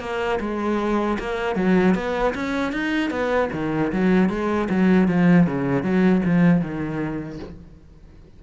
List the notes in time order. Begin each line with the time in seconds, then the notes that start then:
0.00 A#3
0.40 G#3
1.19 A#3
1.55 F#3
1.95 B3
2.34 C#4
2.72 D#4
3.10 B3
3.53 D#3
3.92 F#3
4.29 G#3
4.69 F#3
5.08 F3
5.47 C#3
5.83 F#3
6.25 F3
6.61 D#3